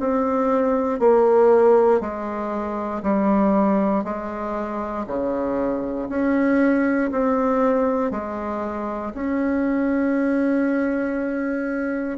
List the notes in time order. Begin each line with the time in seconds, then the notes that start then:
0.00 C4
1.00 A#3
2.01 G#3
3.03 G3
4.04 G#3
5.07 C#3
6.09 C#4
7.12 C4
8.12 G#3
9.14 C#4